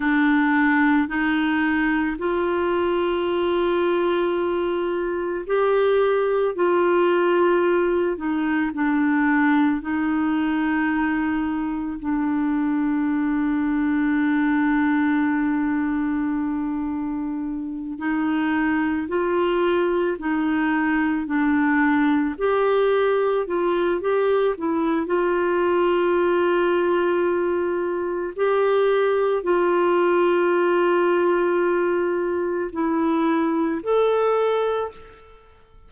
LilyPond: \new Staff \with { instrumentName = "clarinet" } { \time 4/4 \tempo 4 = 55 d'4 dis'4 f'2~ | f'4 g'4 f'4. dis'8 | d'4 dis'2 d'4~ | d'1~ |
d'8 dis'4 f'4 dis'4 d'8~ | d'8 g'4 f'8 g'8 e'8 f'4~ | f'2 g'4 f'4~ | f'2 e'4 a'4 | }